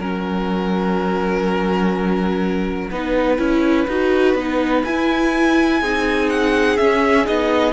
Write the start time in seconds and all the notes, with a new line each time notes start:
0.00 F#3 C#4 A#4 F#5
2.91 B3 D#4 B4
3.38 C#4 E4
3.88 D#4 F#4
4.35 B3 D#4
4.85 E4 G#5
5.81 C4 D#4 G#4
6.30 F#5
6.77 C#4 E5
7.25 B3 D#4 D#5